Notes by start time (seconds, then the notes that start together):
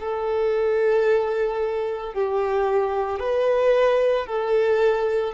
0.00 A4
2.14 G4
3.19 B4
4.27 A4